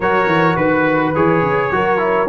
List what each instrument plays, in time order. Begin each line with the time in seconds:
0.00 tuba F#3, trombone F#4, horn A#4, trumpet C#5
0.26 tuba E3
0.56 tuba D#3, trumpet B4, horn B4
1.15 tuba E3, trombone G#4, trumpet C#5
1.42 tuba C#3
1.71 tuba F#3, trombone F#4, horn A#4
1.97 trombone E4